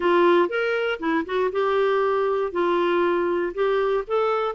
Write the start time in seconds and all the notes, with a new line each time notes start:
0.00 F4
0.49 A#4
0.99 E4
1.25 F#4
1.51 G4
2.52 F4
3.54 G4
4.07 A4